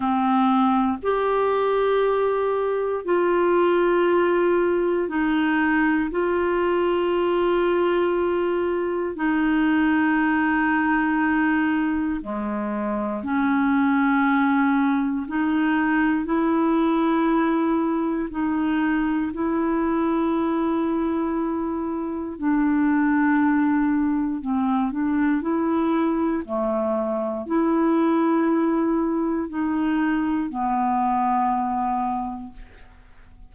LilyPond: \new Staff \with { instrumentName = "clarinet" } { \time 4/4 \tempo 4 = 59 c'4 g'2 f'4~ | f'4 dis'4 f'2~ | f'4 dis'2. | gis4 cis'2 dis'4 |
e'2 dis'4 e'4~ | e'2 d'2 | c'8 d'8 e'4 a4 e'4~ | e'4 dis'4 b2 | }